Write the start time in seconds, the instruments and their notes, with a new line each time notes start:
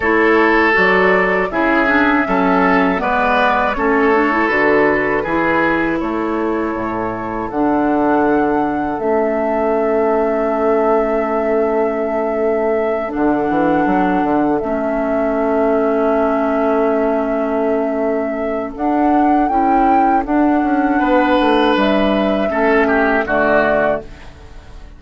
0.00 bassoon A3, clarinet E4, oboe A4, flute C#5
0.73 bassoon F#3, clarinet F#4, flute D5
1.50 bassoon C#3, clarinet E4, oboe G#4, flute E5
1.87 clarinet D4
2.24 bassoon F#3, clarinet C#4, oboe A4
2.96 bassoon G#3, clarinet B3, oboe B4, flute D5
3.74 bassoon A3, clarinet C#4, oboe A4, flute C#5
4.13 clarinet D4
4.32 clarinet E4
4.47 bassoon D3, clarinet F#4, flute B4
5.23 bassoon E3, clarinet E4, oboe G#4
5.99 bassoon A3, oboe A4, flute C#5
6.74 bassoon A2
7.50 bassoon D3, clarinet D4, flute F#5
8.98 bassoon A3, clarinet C#4, flute E5
13.09 clarinet D4, flute F#5
13.15 bassoon D3
13.49 bassoon E3
13.85 bassoon F#3
14.23 bassoon D3
14.59 bassoon A3, clarinet C#4, flute E5
18.75 bassoon D4, clarinet D4, flute F#5
19.48 bassoon C#4, clarinet E4, flute G5
20.24 clarinet D4, bassoon D4, flute F#5
20.62 bassoon C#4
20.98 bassoon B3, oboe B4
21.40 bassoon A3
21.76 bassoon G3, flute E5
22.48 bassoon A3, clarinet C#4, oboe A4
22.87 oboe G4
23.25 bassoon D3, clarinet A3, oboe F#4, flute D5